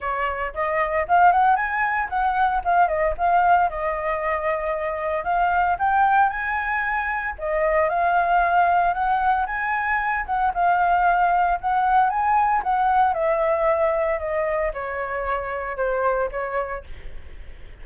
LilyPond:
\new Staff \with { instrumentName = "flute" } { \time 4/4 \tempo 4 = 114 cis''4 dis''4 f''8 fis''8 gis''4 | fis''4 f''8 dis''8 f''4 dis''4~ | dis''2 f''4 g''4 | gis''2 dis''4 f''4~ |
f''4 fis''4 gis''4. fis''8 | f''2 fis''4 gis''4 | fis''4 e''2 dis''4 | cis''2 c''4 cis''4 | }